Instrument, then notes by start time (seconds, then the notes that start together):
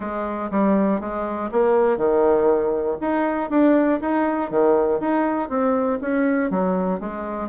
bassoon
0.00 G#3
0.50 G3
1.00 G#3
1.51 A#3
1.97 D#3
3.00 D#4
3.50 D4
4.00 D#4
4.50 D#3
5.00 D#4
5.49 C4
6.01 C#4
6.50 F#3
7.00 G#3